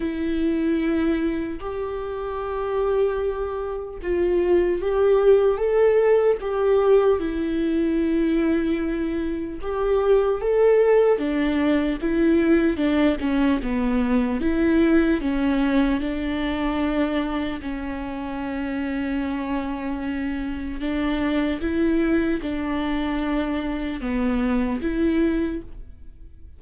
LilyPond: \new Staff \with { instrumentName = "viola" } { \time 4/4 \tempo 4 = 75 e'2 g'2~ | g'4 f'4 g'4 a'4 | g'4 e'2. | g'4 a'4 d'4 e'4 |
d'8 cis'8 b4 e'4 cis'4 | d'2 cis'2~ | cis'2 d'4 e'4 | d'2 b4 e'4 | }